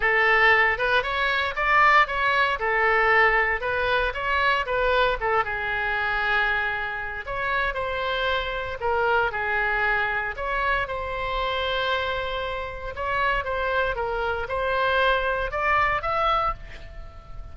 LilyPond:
\new Staff \with { instrumentName = "oboe" } { \time 4/4 \tempo 4 = 116 a'4. b'8 cis''4 d''4 | cis''4 a'2 b'4 | cis''4 b'4 a'8 gis'4.~ | gis'2 cis''4 c''4~ |
c''4 ais'4 gis'2 | cis''4 c''2.~ | c''4 cis''4 c''4 ais'4 | c''2 d''4 e''4 | }